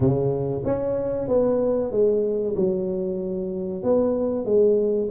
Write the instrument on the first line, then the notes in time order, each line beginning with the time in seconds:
tuba
0.00 C#3
0.64 C#4
1.28 B3
1.91 G#3
2.55 F#3
3.83 B3
4.45 G#3